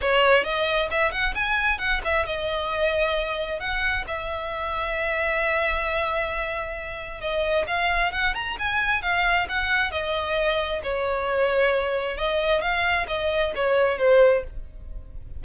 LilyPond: \new Staff \with { instrumentName = "violin" } { \time 4/4 \tempo 4 = 133 cis''4 dis''4 e''8 fis''8 gis''4 | fis''8 e''8 dis''2. | fis''4 e''2.~ | e''1 |
dis''4 f''4 fis''8 ais''8 gis''4 | f''4 fis''4 dis''2 | cis''2. dis''4 | f''4 dis''4 cis''4 c''4 | }